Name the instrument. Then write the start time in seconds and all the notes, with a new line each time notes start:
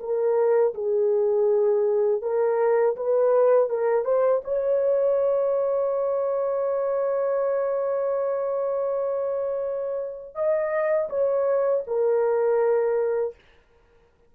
horn
0.00 A#4
0.74 G#4
2.22 A#4
2.97 B4
3.70 A#4
4.05 C5
4.44 C#5
10.35 D#5
11.09 C#5
11.87 A#4